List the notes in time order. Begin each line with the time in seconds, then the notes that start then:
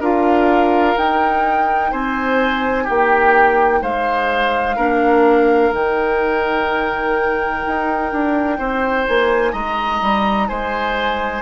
0.00 D4 F4 A#4 F5
0.97 D#4 G5
1.91 C4 C5 G#5
2.84 A#3 G4 G5
3.82 G#3 C5 F5
4.77 A#3 D4 A#4
5.73 D#3 D#4 G5
7.67 D#4
8.12 D4
8.59 C4 C5
9.07 A#3 G#5
9.53 G#3 D#5 A#5
10.02 G3
10.48 G#3 C5 G#5